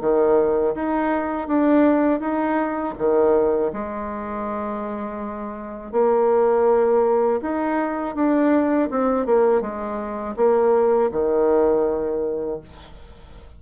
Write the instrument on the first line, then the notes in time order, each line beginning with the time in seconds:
bassoon
0.00 D#3
0.74 D#4
1.47 D4
2.20 D#4
2.98 D#3
3.72 G#3
5.92 A#3
7.41 D#4
8.15 D4
8.90 C4
9.26 A#3
9.61 G#3
10.36 A#3
11.11 D#3